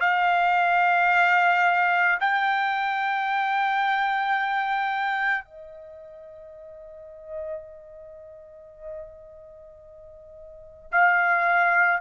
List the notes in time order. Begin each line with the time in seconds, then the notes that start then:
0.00 F5
2.20 G5
5.45 D#5
10.91 F5